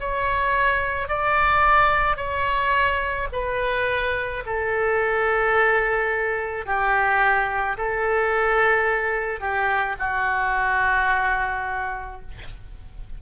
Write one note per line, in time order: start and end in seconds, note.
0.00 1.09 C#5
1.09 2.17 D5
2.17 3.28 C#5
3.32 4.43 B4
4.46 6.66 A4
6.66 7.77 G4
7.78 9.40 A4
9.40 9.96 G4
9.99 12.22 F#4